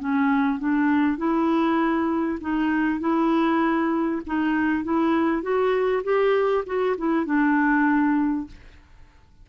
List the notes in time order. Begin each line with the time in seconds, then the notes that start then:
0.00 C#4
0.60 D4
1.18 E4
2.41 D#4
3.01 E4
4.27 D#4
4.85 E4
5.43 F#4
6.04 G4
6.66 F#4
6.98 E4
7.26 D4